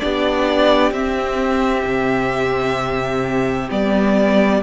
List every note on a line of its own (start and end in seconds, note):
0.00 0.91 B3
0.00 0.92 D4
0.00 4.62 G4
0.00 0.92 D5
0.91 1.83 C4
0.91 3.69 C4
0.91 3.70 E5
1.84 3.69 C3
3.69 4.62 G3
3.69 4.62 B3
3.69 4.62 D5